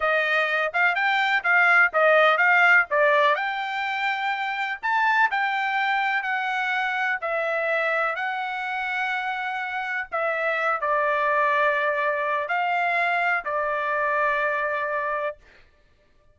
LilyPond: \new Staff \with { instrumentName = "trumpet" } { \time 4/4 \tempo 4 = 125 dis''4. f''8 g''4 f''4 | dis''4 f''4 d''4 g''4~ | g''2 a''4 g''4~ | g''4 fis''2 e''4~ |
e''4 fis''2.~ | fis''4 e''4. d''4.~ | d''2 f''2 | d''1 | }